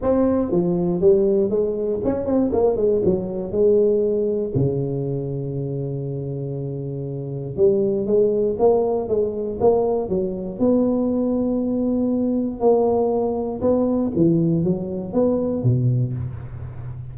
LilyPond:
\new Staff \with { instrumentName = "tuba" } { \time 4/4 \tempo 4 = 119 c'4 f4 g4 gis4 | cis'8 c'8 ais8 gis8 fis4 gis4~ | gis4 cis2.~ | cis2. g4 |
gis4 ais4 gis4 ais4 | fis4 b2.~ | b4 ais2 b4 | e4 fis4 b4 b,4 | }